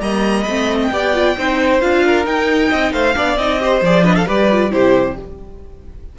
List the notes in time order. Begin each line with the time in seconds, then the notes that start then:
0.00 G3 A#3 D#5 A#5
0.43 A3 C4 B5
0.82 G5
0.91 B3 G4 D5
1.14 F4
1.37 C4 D#4 C5
1.81 D4 F4 F5
2.06 A#4
2.24 D#4 G5
2.69 C4 D#5
2.92 A3 C5 F5
3.15 B3 D4 D5
3.37 C4 D#4 D#5
3.59 G4 C5
3.81 F3 G#4 D5
4.04 D4 B4 D#5
4.15 A4 F5
4.26 G3 G4 B4 D5
4.51 F4
4.70 C3 E4 G4 C5